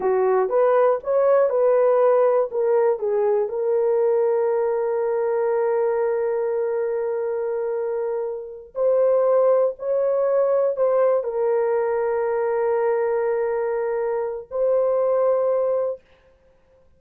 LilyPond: \new Staff \with { instrumentName = "horn" } { \time 4/4 \tempo 4 = 120 fis'4 b'4 cis''4 b'4~ | b'4 ais'4 gis'4 ais'4~ | ais'1~ | ais'1~ |
ais'4. c''2 cis''8~ | cis''4. c''4 ais'4.~ | ais'1~ | ais'4 c''2. | }